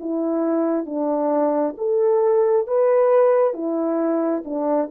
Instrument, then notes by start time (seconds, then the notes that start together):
horn
0.00 E4
0.86 D4
1.78 A4
2.67 B4
3.54 E4
4.45 D4